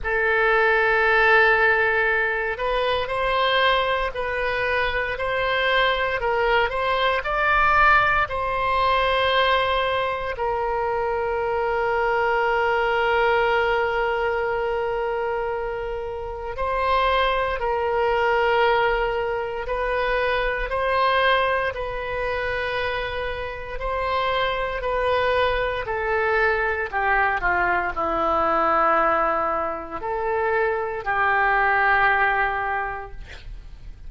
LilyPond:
\new Staff \with { instrumentName = "oboe" } { \time 4/4 \tempo 4 = 58 a'2~ a'8 b'8 c''4 | b'4 c''4 ais'8 c''8 d''4 | c''2 ais'2~ | ais'1 |
c''4 ais'2 b'4 | c''4 b'2 c''4 | b'4 a'4 g'8 f'8 e'4~ | e'4 a'4 g'2 | }